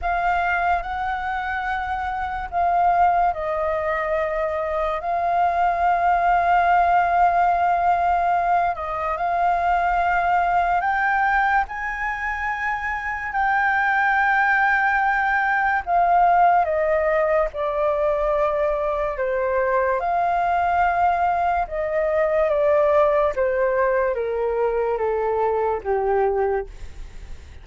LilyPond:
\new Staff \with { instrumentName = "flute" } { \time 4/4 \tempo 4 = 72 f''4 fis''2 f''4 | dis''2 f''2~ | f''2~ f''8 dis''8 f''4~ | f''4 g''4 gis''2 |
g''2. f''4 | dis''4 d''2 c''4 | f''2 dis''4 d''4 | c''4 ais'4 a'4 g'4 | }